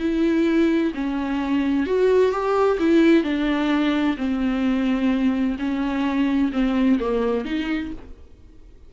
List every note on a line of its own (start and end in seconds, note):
0.00 0.93 E4
0.95 1.87 C#4
1.87 2.32 F#4
2.32 2.78 G4
2.80 3.24 E4
3.24 4.17 D4
4.18 5.57 C4
5.59 6.52 C#4
6.53 6.99 C4
7.00 7.45 A#3
7.45 7.92 D#4